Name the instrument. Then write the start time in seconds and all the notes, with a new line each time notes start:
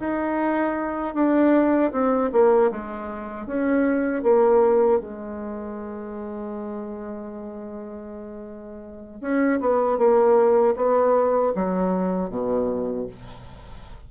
bassoon
0.00 D#4
1.15 D4
1.92 C4
2.33 A#3
2.71 G#3
3.47 C#4
4.23 A#3
5.00 G#3
9.21 C#4
9.60 B3
9.98 A#3
10.76 B3
11.56 F#3
12.30 B2